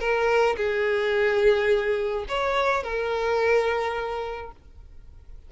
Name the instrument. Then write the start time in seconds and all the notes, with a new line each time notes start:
violin
0.00 A#4
0.57 G#4
2.29 C#5
2.84 A#4